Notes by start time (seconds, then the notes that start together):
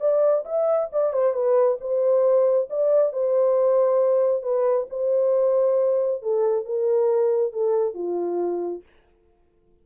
0.00 D5
0.45 E5
0.92 D5
1.13 C5
1.33 B4
1.80 C5
2.70 D5
3.13 C5
4.43 B4
4.90 C5
6.22 A4
6.65 A#4
7.53 A4
7.94 F4